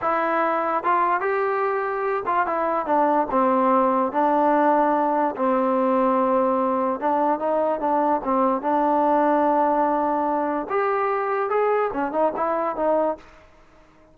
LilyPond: \new Staff \with { instrumentName = "trombone" } { \time 4/4 \tempo 4 = 146 e'2 f'4 g'4~ | g'4. f'8 e'4 d'4 | c'2 d'2~ | d'4 c'2.~ |
c'4 d'4 dis'4 d'4 | c'4 d'2.~ | d'2 g'2 | gis'4 cis'8 dis'8 e'4 dis'4 | }